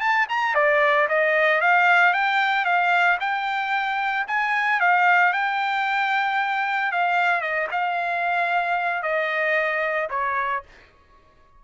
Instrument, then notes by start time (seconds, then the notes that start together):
trumpet
0.00 A5
0.29 A#5
0.55 D5
1.08 D#5
1.61 F5
2.13 G5
2.65 F5
3.20 G5
4.27 G#5
4.80 F5
5.33 G5
6.91 F5
7.41 D#5
7.71 F5
9.02 D#5
10.10 C#5